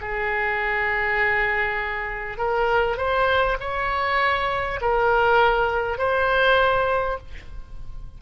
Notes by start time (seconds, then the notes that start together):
0.00 G#4
2.37 A#4
2.97 C5
3.60 C#5
4.81 A#4
5.97 C5